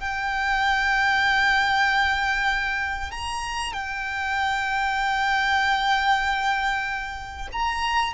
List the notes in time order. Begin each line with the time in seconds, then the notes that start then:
0.00 G5
3.11 A#5
3.73 G5
7.52 A#5